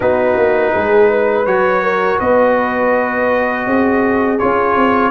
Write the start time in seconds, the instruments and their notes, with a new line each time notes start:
0.00 tuba B3, trombone D#4, horn F#4, trumpet B4
0.36 tuba A#3
0.73 tuba G#3, horn G#4
1.09 horn B4
1.45 tuba F#3, trombone F#4, trumpet C#5
1.82 horn A#4
2.19 tuba B3, horn B4, trumpet D#5
3.66 tuba C4, horn G#4
4.38 tuba C#4, trombone F4, trumpet C#5
4.75 tuba C4